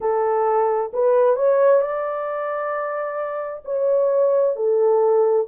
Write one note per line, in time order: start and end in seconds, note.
0.00 0.91 A4
0.93 1.36 B4
1.36 1.81 C#5
1.81 3.62 D5
3.64 4.55 C#5
4.55 5.46 A4